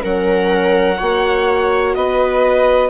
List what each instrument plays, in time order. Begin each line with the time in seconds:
0.00 bassoon F#3, horn C#4, viola A#4, violin F#5
0.98 bassoon A#3, horn F#4, viola C#5
1.95 bassoon B3, viola B4, violin D#5